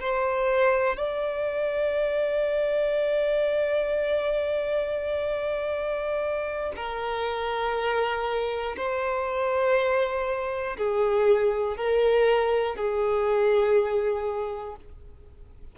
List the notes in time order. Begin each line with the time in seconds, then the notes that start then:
0.00 C5
0.97 D5
6.76 A#4
8.76 C5
10.77 G#4
11.76 A#4
12.76 G#4